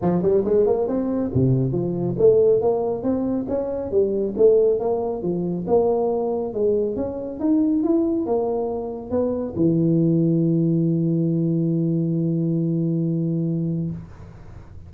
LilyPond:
\new Staff \with { instrumentName = "tuba" } { \time 4/4 \tempo 4 = 138 f8 g8 gis8 ais8 c'4 c4 | f4 a4 ais4 c'4 | cis'4 g4 a4 ais4 | f4 ais2 gis4 |
cis'4 dis'4 e'4 ais4~ | ais4 b4 e2~ | e1~ | e1 | }